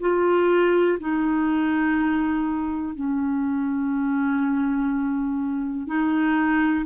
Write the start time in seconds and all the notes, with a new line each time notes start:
0.00 F4
0.99 D#4
2.95 C#4
5.87 D#4